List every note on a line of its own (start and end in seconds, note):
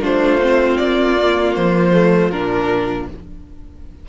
0.00 0.76 A3
0.00 0.40 D4
0.00 3.05 F4
0.00 0.77 C5
0.41 1.17 C4
0.77 1.56 A#3
0.77 1.53 D5
1.17 1.93 A#3
1.55 2.32 F3
1.55 2.31 C5
1.93 2.31 A3
2.31 3.08 A#2
2.31 3.08 D4
2.31 3.07 A#4